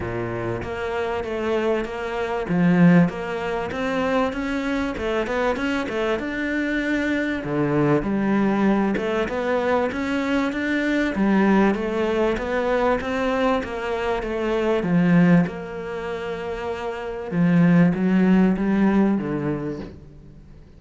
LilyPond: \new Staff \with { instrumentName = "cello" } { \time 4/4 \tempo 4 = 97 ais,4 ais4 a4 ais4 | f4 ais4 c'4 cis'4 | a8 b8 cis'8 a8 d'2 | d4 g4. a8 b4 |
cis'4 d'4 g4 a4 | b4 c'4 ais4 a4 | f4 ais2. | f4 fis4 g4 d4 | }